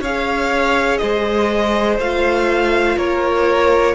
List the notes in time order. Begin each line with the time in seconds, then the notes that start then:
0.00 C#4 G#4 C#5 F5
0.97 G#3 C5 D#5
1.98 A3 F4 F5
2.97 A#3 A#4 C#5